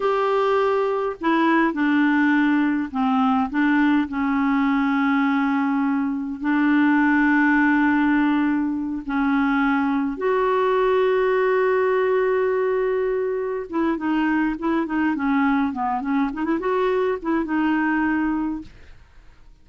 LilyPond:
\new Staff \with { instrumentName = "clarinet" } { \time 4/4 \tempo 4 = 103 g'2 e'4 d'4~ | d'4 c'4 d'4 cis'4~ | cis'2. d'4~ | d'2.~ d'8 cis'8~ |
cis'4. fis'2~ fis'8~ | fis'2.~ fis'8 e'8 | dis'4 e'8 dis'8 cis'4 b8 cis'8 | dis'16 e'16 fis'4 e'8 dis'2 | }